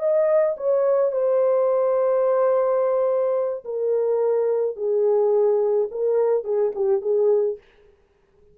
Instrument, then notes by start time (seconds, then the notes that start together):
horn
0.00 D#5
0.58 C#5
1.12 C5
3.65 A#4
4.77 G#4
5.92 A#4
6.45 G#4
6.76 G4
7.02 G#4